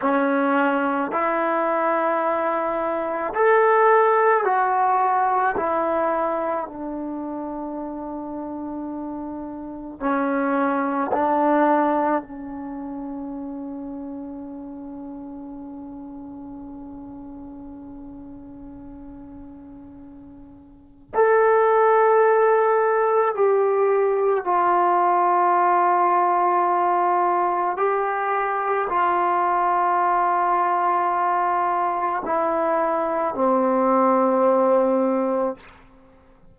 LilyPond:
\new Staff \with { instrumentName = "trombone" } { \time 4/4 \tempo 4 = 54 cis'4 e'2 a'4 | fis'4 e'4 d'2~ | d'4 cis'4 d'4 cis'4~ | cis'1~ |
cis'2. a'4~ | a'4 g'4 f'2~ | f'4 g'4 f'2~ | f'4 e'4 c'2 | }